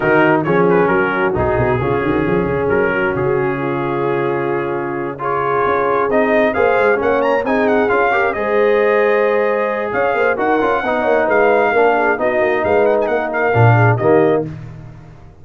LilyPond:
<<
  \new Staff \with { instrumentName = "trumpet" } { \time 4/4 \tempo 4 = 133 ais'4 cis''8 b'8 ais'4 gis'4~ | gis'2 ais'4 gis'4~ | gis'2.~ gis'8 cis''8~ | cis''4. dis''4 f''4 fis''8 |
ais''8 gis''8 fis''8 f''4 dis''4.~ | dis''2 f''4 fis''4~ | fis''4 f''2 dis''4 | f''8 fis''16 gis''16 fis''8 f''4. dis''4 | }
  \new Staff \with { instrumentName = "horn" } { \time 4/4 fis'4 gis'4 fis'2 | f'8 fis'8 gis'4. fis'4. | f'2.~ f'8 gis'8~ | gis'2~ gis'8 c''4 cis''8~ |
cis''8 gis'4. ais'8 c''4.~ | c''2 cis''8 c''8 ais'4 | dis''8 cis''8 b'4 ais'8 gis'8 fis'4 | b'4 ais'4. gis'8 g'4 | }
  \new Staff \with { instrumentName = "trombone" } { \time 4/4 dis'4 cis'2 dis'4 | cis'1~ | cis'2.~ cis'8 f'8~ | f'4. dis'4 gis'4 cis'8~ |
cis'8 dis'4 f'8 g'8 gis'4.~ | gis'2. fis'8 f'8 | dis'2 d'4 dis'4~ | dis'2 d'4 ais4 | }
  \new Staff \with { instrumentName = "tuba" } { \time 4/4 dis4 f4 fis4 b,,8 b,8 | cis8 dis8 f8 cis8 fis4 cis4~ | cis1~ | cis8 cis'4 c'4 ais8 gis8 ais8~ |
ais8 c'4 cis'4 gis4.~ | gis2 cis'8 ais8 dis'8 cis'8 | b8 ais8 gis4 ais4 b8 ais8 | gis4 ais4 ais,4 dis4 | }
>>